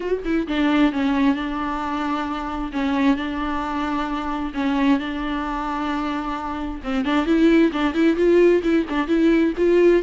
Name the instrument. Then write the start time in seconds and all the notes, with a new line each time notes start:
viola
0.00 F#4
0.24 E4
0.47 D4
0.92 C#4
1.35 D4
2.72 C#4
3.16 D4
4.54 C#4
4.99 D4
6.83 C4
7.05 D4
7.26 E4
7.72 D4
7.94 E4
8.16 F4
8.63 E4
8.89 D4
9.07 E4
9.57 F4